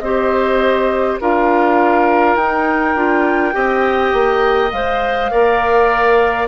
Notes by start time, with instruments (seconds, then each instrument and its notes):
0.00 bassoon C4, clarinet G4, oboe C5, flute D#5
1.21 bassoon D4, clarinet F4, oboe A#4, flute F5
2.36 bassoon D#4, clarinet D#4, flute G5
2.95 bassoon D4, clarinet F4
3.52 bassoon C4, clarinet G4, oboe D#5
4.13 bassoon A#3
4.72 bassoon G#3, clarinet C5, flute F5
5.31 bassoon A#3, clarinet A#4, oboe D5